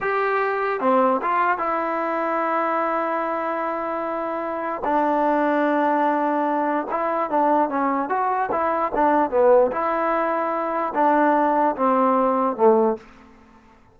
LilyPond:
\new Staff \with { instrumentName = "trombone" } { \time 4/4 \tempo 4 = 148 g'2 c'4 f'4 | e'1~ | e'1 | d'1~ |
d'4 e'4 d'4 cis'4 | fis'4 e'4 d'4 b4 | e'2. d'4~ | d'4 c'2 a4 | }